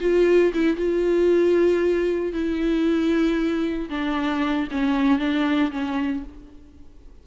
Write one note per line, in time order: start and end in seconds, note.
0.00 0.52 F4
0.53 0.76 E4
0.76 2.32 F4
2.32 3.89 E4
3.89 4.68 D4
4.71 5.18 C#4
5.18 5.71 D4
5.71 6.23 C#4